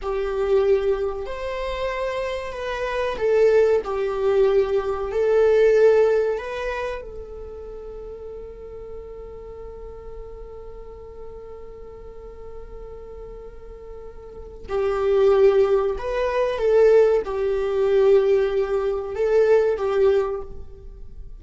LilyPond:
\new Staff \with { instrumentName = "viola" } { \time 4/4 \tempo 4 = 94 g'2 c''2 | b'4 a'4 g'2 | a'2 b'4 a'4~ | a'1~ |
a'1~ | a'2. g'4~ | g'4 b'4 a'4 g'4~ | g'2 a'4 g'4 | }